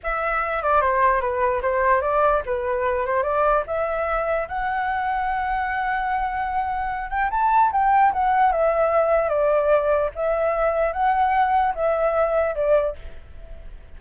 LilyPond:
\new Staff \with { instrumentName = "flute" } { \time 4/4 \tempo 4 = 148 e''4. d''8 c''4 b'4 | c''4 d''4 b'4. c''8 | d''4 e''2 fis''4~ | fis''1~ |
fis''4. g''8 a''4 g''4 | fis''4 e''2 d''4~ | d''4 e''2 fis''4~ | fis''4 e''2 d''4 | }